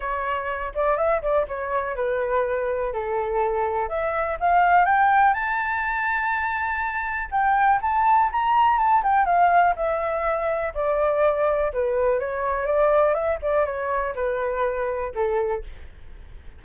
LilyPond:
\new Staff \with { instrumentName = "flute" } { \time 4/4 \tempo 4 = 123 cis''4. d''8 e''8 d''8 cis''4 | b'2 a'2 | e''4 f''4 g''4 a''4~ | a''2. g''4 |
a''4 ais''4 a''8 g''8 f''4 | e''2 d''2 | b'4 cis''4 d''4 e''8 d''8 | cis''4 b'2 a'4 | }